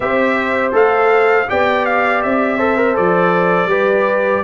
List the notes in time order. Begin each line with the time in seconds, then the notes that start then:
0.00 C4 G4 C5 E5
0.72 A3 A4 F5
1.48 B3 G4 D5 G5
1.85 F5
2.22 C4 E5
2.57 A4 C5
2.77 A#4
2.94 F3 A4 D5
3.65 G3 G4 B4